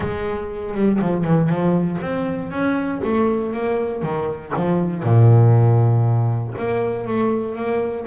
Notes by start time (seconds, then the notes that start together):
0.00 G#3
0.74 G3
1.01 F3
1.24 E3
1.49 F3
2.01 C4
2.50 C#4
3.04 A3
3.53 A#3
4.02 D#3
4.56 F3
5.02 A#2
6.58 A#3
7.07 A3
7.55 A#3